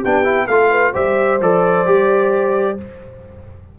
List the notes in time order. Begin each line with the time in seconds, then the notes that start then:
0.00 B3 D4 G4 G5
0.24 E4
0.47 A3 F4 A4 F5
0.71 B4
0.92 G3 G4 C5 E5
1.41 F3 A4 D5
1.86 G3 G4